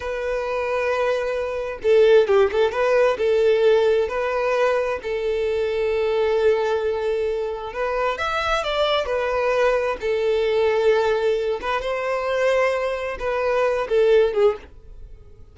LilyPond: \new Staff \with { instrumentName = "violin" } { \time 4/4 \tempo 4 = 132 b'1 | a'4 g'8 a'8 b'4 a'4~ | a'4 b'2 a'4~ | a'1~ |
a'4 b'4 e''4 d''4 | b'2 a'2~ | a'4. b'8 c''2~ | c''4 b'4. a'4 gis'8 | }